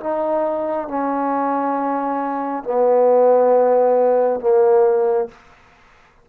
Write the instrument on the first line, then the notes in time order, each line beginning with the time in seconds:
trombone
0.00 D#4
0.88 C#4
2.64 B3
4.40 A#3